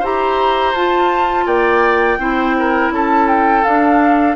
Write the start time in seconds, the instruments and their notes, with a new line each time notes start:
0.00 bassoon E4, clarinet G4, oboe C5, flute A#5
0.74 bassoon F4, clarinet F4, flute A5
1.46 bassoon A#3, oboe D5, flute G5
2.18 bassoon C4, clarinet E4, oboe C5
2.59 oboe A#4
2.91 bassoon C#4, oboe A4, flute A5
3.28 flute G5
3.64 bassoon D4, clarinet D4, flute F5